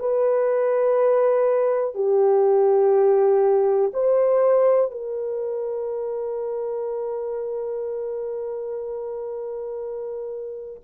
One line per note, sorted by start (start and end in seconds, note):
0.00 1.95 B4
1.95 3.92 G4
3.94 4.92 C5
4.92 10.82 A#4